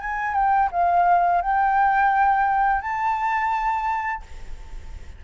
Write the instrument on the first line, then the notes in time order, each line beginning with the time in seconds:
flute
0.00 G#5
0.34 G5
0.71 F5
1.41 G5
2.81 A5